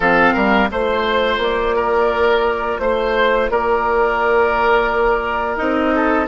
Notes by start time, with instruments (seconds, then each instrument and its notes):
0.00 bassoon F3, clarinet C4, oboe A4, flute F5
0.33 bassoon G3, oboe A#4
0.69 bassoon A3, clarinet F4, oboe C5, flute C5
1.37 bassoon A#3, flute D5
1.76 oboe A#4
2.79 bassoon A3, flute C5, oboe C5
3.49 bassoon A#3, oboe A#4, flute D5
5.56 bassoon C4, clarinet D#4, flute D#5
5.94 oboe A4